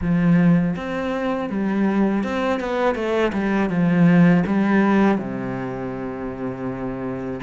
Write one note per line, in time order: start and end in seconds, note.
0.01 0.75 F3
0.76 1.49 C4
1.49 2.23 G3
2.23 2.59 C4
2.59 2.95 B3
2.95 3.32 A3
3.33 3.69 G3
3.69 4.43 F3
4.46 5.18 G3
5.18 7.40 C3